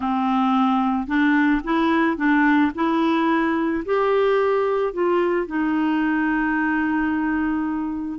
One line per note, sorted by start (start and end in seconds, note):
0.00 1.07 C4
1.07 1.61 D4
1.63 2.17 E4
2.17 2.71 D4
2.74 3.83 E4
3.85 4.93 G4
4.93 5.46 F4
5.46 8.19 D#4